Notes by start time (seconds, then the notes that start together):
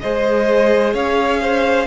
0.00 G#3 G#4 C5 D#5
0.94 C#4 C#5 F5
1.42 C5